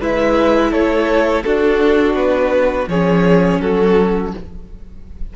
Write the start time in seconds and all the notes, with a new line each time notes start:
0.00 G#3 E4 B4 E5
0.72 A3 A4 C#5
1.43 D4 F#4 A4
2.14 B3 B4
2.88 F3 C#4 G#4 C#5
3.61 F#3 F#4 A4